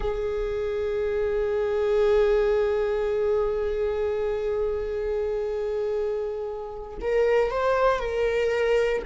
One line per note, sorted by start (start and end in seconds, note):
0.00 6.97 G#4
7.01 7.50 A#4
7.50 7.99 C5
7.99 9.02 A#4